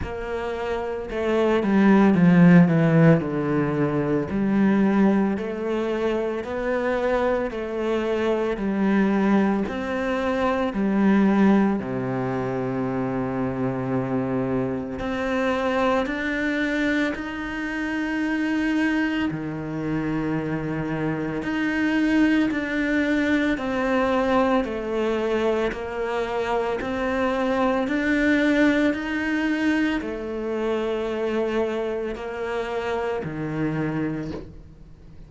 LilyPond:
\new Staff \with { instrumentName = "cello" } { \time 4/4 \tempo 4 = 56 ais4 a8 g8 f8 e8 d4 | g4 a4 b4 a4 | g4 c'4 g4 c4~ | c2 c'4 d'4 |
dis'2 dis2 | dis'4 d'4 c'4 a4 | ais4 c'4 d'4 dis'4 | a2 ais4 dis4 | }